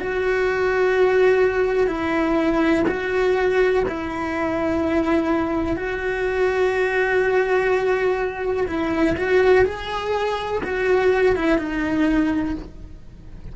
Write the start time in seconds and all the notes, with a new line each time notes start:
0.00 F#4
1.87 E4
2.87 F#4
3.88 E4
5.76 F#4
8.67 E4
9.16 F#4
9.65 G#4
10.64 F#4
11.35 E4
11.58 D#4